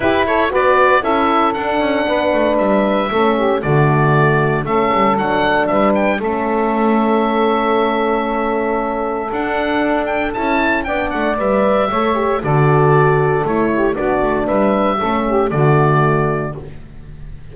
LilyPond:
<<
  \new Staff \with { instrumentName = "oboe" } { \time 4/4 \tempo 4 = 116 b'8 cis''8 d''4 e''4 fis''4~ | fis''4 e''2 d''4~ | d''4 e''4 fis''4 e''8 g''8 | e''1~ |
e''2 fis''4. g''8 | a''4 g''8 fis''8 e''2 | d''2 cis''4 d''4 | e''2 d''2 | }
  \new Staff \with { instrumentName = "saxophone" } { \time 4/4 g'8 a'8 b'4 a'2 | b'2 a'8 g'8 fis'4~ | fis'4 a'2 b'4 | a'1~ |
a'1~ | a'4 d''2 cis''4 | a'2~ a'8 g'8 fis'4 | b'4 a'8 g'8 fis'2 | }
  \new Staff \with { instrumentName = "horn" } { \time 4/4 e'4 fis'4 e'4 d'4~ | d'2 cis'4 a4~ | a4 cis'4 d'2 | cis'1~ |
cis'2 d'2 | e'4 d'4 b'4 a'8 g'8 | fis'2 e'4 d'4~ | d'4 cis'4 a2 | }
  \new Staff \with { instrumentName = "double bass" } { \time 4/4 e'4 b4 cis'4 d'8 cis'8 | b8 a8 g4 a4 d4~ | d4 a8 g8 fis4 g4 | a1~ |
a2 d'2 | cis'4 b8 a8 g4 a4 | d2 a4 b8 a8 | g4 a4 d2 | }
>>